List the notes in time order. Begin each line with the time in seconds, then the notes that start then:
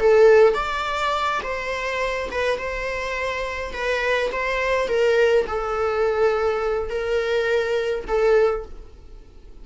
0.00 A4
0.54 D5
1.43 C5
2.32 B4
2.58 C5
3.73 B4
4.32 C5
4.88 A#4
5.47 A4
6.90 A#4
8.08 A4